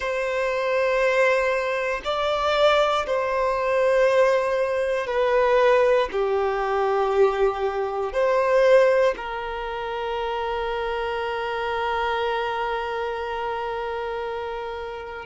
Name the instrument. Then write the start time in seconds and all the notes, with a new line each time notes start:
violin
0.00 C5
2.04 D5
3.06 C5
5.07 B4
6.12 G4
8.13 C5
9.17 A#4